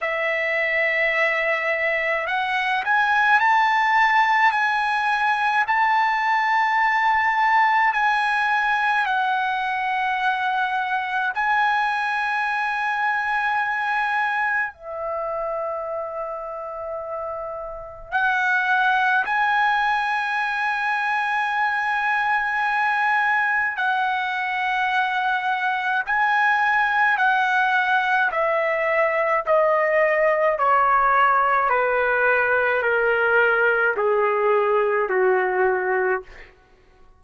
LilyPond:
\new Staff \with { instrumentName = "trumpet" } { \time 4/4 \tempo 4 = 53 e''2 fis''8 gis''8 a''4 | gis''4 a''2 gis''4 | fis''2 gis''2~ | gis''4 e''2. |
fis''4 gis''2.~ | gis''4 fis''2 gis''4 | fis''4 e''4 dis''4 cis''4 | b'4 ais'4 gis'4 fis'4 | }